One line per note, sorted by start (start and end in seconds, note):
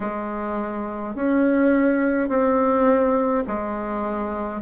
0.00 1.15 G#3
1.15 2.28 C#4
2.28 3.44 C4
3.47 4.62 G#3